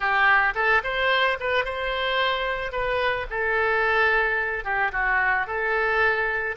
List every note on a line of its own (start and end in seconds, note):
0.00 0.54 G4
0.55 0.82 A4
0.83 1.38 C5
1.40 1.64 B4
1.64 2.71 C5
2.71 3.26 B4
3.30 4.64 A4
4.64 4.91 G4
4.92 5.46 F#4
5.46 6.56 A4